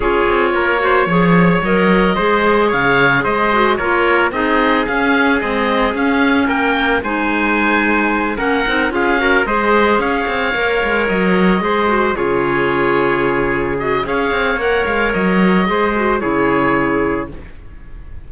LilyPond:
<<
  \new Staff \with { instrumentName = "oboe" } { \time 4/4 \tempo 4 = 111 cis''2. dis''4~ | dis''4 f''4 dis''4 cis''4 | dis''4 f''4 dis''4 f''4 | g''4 gis''2~ gis''8 fis''8~ |
fis''8 f''4 dis''4 f''4.~ | f''8 dis''2 cis''4.~ | cis''4. dis''8 f''4 fis''8 f''8 | dis''2 cis''2 | }
  \new Staff \with { instrumentName = "trumpet" } { \time 4/4 gis'4 ais'8 c''8 cis''2 | c''4 cis''4 c''4 ais'4 | gis'1 | ais'4 c''2~ c''8 ais'8~ |
ais'8 gis'8 ais'8 c''4 cis''4.~ | cis''4. c''4 gis'4.~ | gis'2 cis''2~ | cis''4 c''4 gis'2 | }
  \new Staff \with { instrumentName = "clarinet" } { \time 4/4 f'4. fis'8 gis'4 ais'4 | gis'2~ gis'8 fis'8 f'4 | dis'4 cis'4 gis4 cis'4~ | cis'4 dis'2~ dis'8 cis'8 |
dis'8 f'8 fis'8 gis'2 ais'8~ | ais'4. gis'8 fis'8 f'4.~ | f'4. fis'8 gis'4 ais'4~ | ais'4 gis'8 fis'8 e'2 | }
  \new Staff \with { instrumentName = "cello" } { \time 4/4 cis'8 c'8 ais4 f4 fis4 | gis4 cis4 gis4 ais4 | c'4 cis'4 c'4 cis'4 | ais4 gis2~ gis8 ais8 |
c'8 cis'4 gis4 cis'8 c'8 ais8 | gis8 fis4 gis4 cis4.~ | cis2 cis'8 c'8 ais8 gis8 | fis4 gis4 cis2 | }
>>